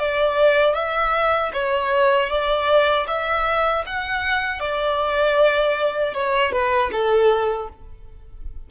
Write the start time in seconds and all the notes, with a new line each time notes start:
0.00 D5
0.75 E5
1.53 C#5
2.30 D5
3.08 E5
3.87 F#5
4.60 D5
6.14 C#5
6.52 B4
6.92 A4